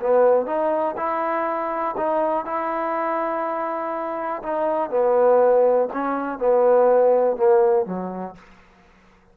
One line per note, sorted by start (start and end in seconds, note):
0.00 0.46 B3
0.46 0.95 D#4
0.97 1.95 E4
1.97 2.45 D#4
2.45 4.42 E4
4.42 4.90 D#4
4.90 5.88 B3
5.93 6.38 C#4
6.38 7.36 B3
7.36 7.85 A#3
7.85 8.35 F#3